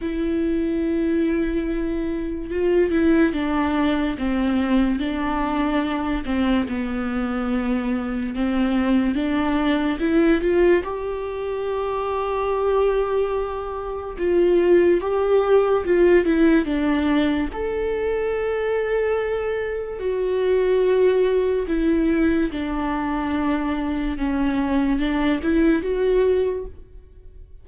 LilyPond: \new Staff \with { instrumentName = "viola" } { \time 4/4 \tempo 4 = 72 e'2. f'8 e'8 | d'4 c'4 d'4. c'8 | b2 c'4 d'4 | e'8 f'8 g'2.~ |
g'4 f'4 g'4 f'8 e'8 | d'4 a'2. | fis'2 e'4 d'4~ | d'4 cis'4 d'8 e'8 fis'4 | }